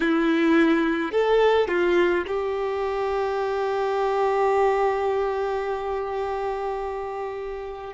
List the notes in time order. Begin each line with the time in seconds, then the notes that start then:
0.00 E4
1.11 A4
1.68 F4
2.26 G4